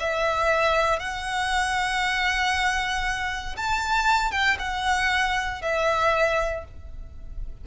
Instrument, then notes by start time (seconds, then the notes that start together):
violin
0.00 E5
1.00 F#5
3.57 A5
4.31 G5
4.59 F#5
5.62 E5